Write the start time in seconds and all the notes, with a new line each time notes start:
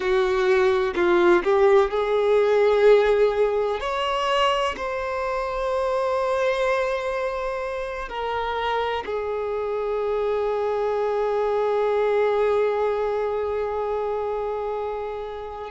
0.00 F#4
0.95 F4
1.43 G4
1.90 G#4
3.80 C#5
4.76 C5
8.08 A#4
9.05 G#4